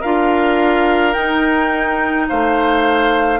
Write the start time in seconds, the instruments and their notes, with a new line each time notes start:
0.00 bassoon D4, clarinet F4, oboe A#4, flute F5
1.13 clarinet D#4, bassoon D#4, flute G5
2.28 bassoon A3, oboe C5, flute F5